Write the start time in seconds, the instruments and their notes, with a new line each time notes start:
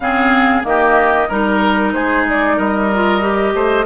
0.00 bassoon C#3, clarinet C4, oboe G#4, flute F5
0.62 bassoon D#3, clarinet A#3, oboe G4, flute D#5
1.28 bassoon G3, clarinet D#4, oboe A#4, flute A#4
1.93 bassoon G#3, oboe G#4, flute C5
2.29 flute D5
2.56 bassoon G3, oboe A#4, flute D#5
2.94 clarinet F4
3.21 clarinet G4
3.53 bassoon A3, oboe C5